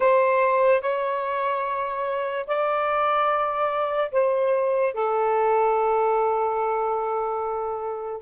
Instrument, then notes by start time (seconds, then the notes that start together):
saxophone
0.00 C5
0.81 C#5
2.47 D5
4.11 C5
4.93 A4